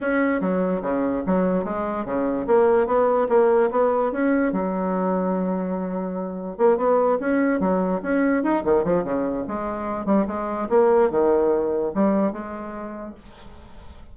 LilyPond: \new Staff \with { instrumentName = "bassoon" } { \time 4/4 \tempo 4 = 146 cis'4 fis4 cis4 fis4 | gis4 cis4 ais4 b4 | ais4 b4 cis'4 fis4~ | fis1 |
ais8 b4 cis'4 fis4 cis'8~ | cis'8 dis'8 dis8 f8 cis4 gis4~ | gis8 g8 gis4 ais4 dis4~ | dis4 g4 gis2 | }